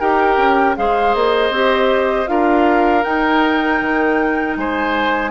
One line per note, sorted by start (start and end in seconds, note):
0.00 0.38 D#4
0.00 0.76 G4
0.00 0.76 A#4
0.00 0.76 G5
0.38 0.76 C#4
0.76 1.15 G#3
0.76 1.52 G#4
0.76 2.30 C5
0.76 1.15 F5
1.15 1.50 A#3
1.15 2.28 D#5
1.50 2.26 C4
1.50 2.27 G4
2.27 3.05 D4
2.27 3.03 F4
2.27 4.58 A#4
2.27 3.03 F5
3.03 5.31 D#4
3.03 3.81 D#4
3.03 4.55 G5
3.81 4.57 D#3
4.57 5.31 G#3
4.57 5.31 C5
4.57 5.31 G#5